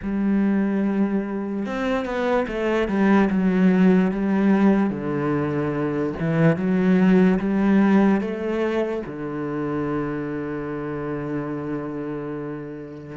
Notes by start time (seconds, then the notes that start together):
0.02 G3
1.66 C4
2.05 B3
2.47 A3
2.88 G3
3.30 F#3
4.11 G3
4.89 D3
6.19 E3
6.56 F#3
7.39 G3
8.20 A3
9.06 D3